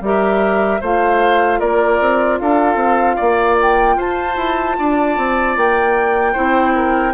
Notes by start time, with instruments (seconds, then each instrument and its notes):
0.00 bassoon G3, clarinet G4, oboe A#4, flute E5
0.80 bassoon A3, clarinet F4, oboe C5, flute F5
1.59 bassoon A#3, oboe A#4, flute D5
2.00 bassoon C4
2.39 bassoon D4, oboe A4, flute F5
2.75 bassoon C4
3.16 bassoon A#3, oboe D5
3.61 flute G5
3.95 bassoon F4, oboe C5, flute A5
4.36 bassoon E4
4.78 bassoon D4, oboe D5
5.17 bassoon C4
5.56 bassoon A#3, flute G5
6.32 bassoon C4, clarinet E4, oboe C5
6.74 oboe A#4